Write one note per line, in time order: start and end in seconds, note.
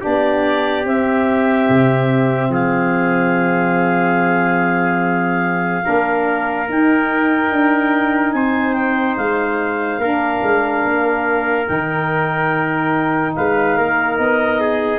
0.00 0.84 B3
0.00 0.83 D4
0.00 2.50 G4
0.00 0.86 D5
0.84 1.68 C4
0.84 5.82 C4
0.84 2.52 E5
1.69 2.49 C3
2.49 5.82 F3
2.49 5.84 G#4
2.49 6.69 F5
5.82 6.68 A#3
5.82 6.66 D4
5.82 8.35 A#4
6.67 10.00 D#4
6.67 7.51 D#4
6.67 8.32 G5
7.51 8.33 D4
8.32 9.16 C4
8.32 10.00 C5
8.32 8.73 G#5
8.73 9.15 G5
9.17 9.98 G#3
9.17 11.67 F5
9.98 10.40 A#3
9.98 11.65 D4
9.98 13.34 A#4
10.42 10.84 G#3
10.84 11.68 A#3
11.65 13.36 D#3
11.65 14.99 D#4
11.65 13.34 G5
13.35 13.78 G#3
13.35 13.77 B4
13.35 14.17 F5
13.77 14.19 A#3
13.77 14.60 A#4
14.17 14.99 B3
14.17 14.99 D#5
14.60 14.99 G#4